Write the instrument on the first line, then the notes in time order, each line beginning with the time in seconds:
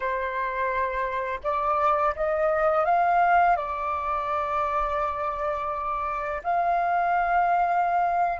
flute
0.00 C5
1.43 D5
2.15 D#5
2.85 F5
3.56 D5
6.43 F5